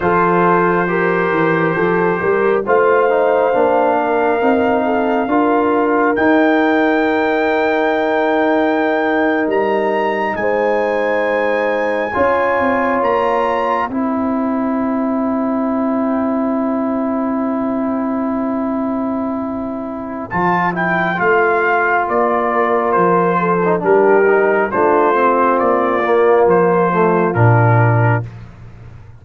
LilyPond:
<<
  \new Staff \with { instrumentName = "trumpet" } { \time 4/4 \tempo 4 = 68 c''2. f''4~ | f''2. g''4~ | g''2~ g''8. ais''4 gis''16~ | gis''2~ gis''8. ais''4 g''16~ |
g''1~ | g''2. a''8 g''8 | f''4 d''4 c''4 ais'4 | c''4 d''4 c''4 ais'4 | }
  \new Staff \with { instrumentName = "horn" } { \time 4/4 a'4 ais'4 a'8 ais'8 c''4~ | c''8 ais'4 a'8 ais'2~ | ais'2.~ ais'8. c''16~ | c''4.~ c''16 cis''2 c''16~ |
c''1~ | c''1~ | c''4. ais'4 a'8 g'4 | f'1 | }
  \new Staff \with { instrumentName = "trombone" } { \time 4/4 f'4 g'2 f'8 dis'8 | d'4 dis'4 f'4 dis'4~ | dis'1~ | dis'4.~ dis'16 f'2 e'16~ |
e'1~ | e'2. f'8 e'8 | f'2~ f'8. dis'16 d'8 dis'8 | d'8 c'4 ais4 a8 d'4 | }
  \new Staff \with { instrumentName = "tuba" } { \time 4/4 f4. e8 f8 g8 a4 | ais4 c'4 d'4 dis'4~ | dis'2~ dis'8. g4 gis16~ | gis4.~ gis16 cis'8 c'8 ais4 c'16~ |
c'1~ | c'2. f4 | a4 ais4 f4 g4 | a4 ais4 f4 ais,4 | }
>>